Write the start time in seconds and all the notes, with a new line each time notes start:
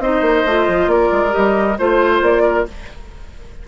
0.00 C4 D#4 C5 D#5
0.21 A#3
0.46 A3 F4
0.68 F3
0.87 A#3 A#4 D5
1.12 G#3
1.30 G4 D#5
1.37 G3
1.78 A3 F4 C5
2.21 A#3 D5
2.43 A#4